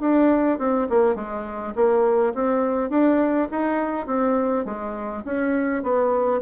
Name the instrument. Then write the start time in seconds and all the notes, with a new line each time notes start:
bassoon
0.00 D4
0.58 C4
0.89 A#3
1.15 G#3
1.75 A#3
2.34 C4
2.90 D4
3.51 D#4
4.06 C4
4.65 G#3
5.25 C#4
5.83 B3